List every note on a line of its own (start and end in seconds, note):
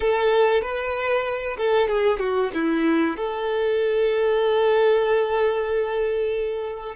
0.00 0.61 A4
0.61 1.56 B4
1.57 1.88 A4
1.88 2.19 G#4
2.19 2.51 F#4
2.53 3.16 E4
3.16 6.95 A4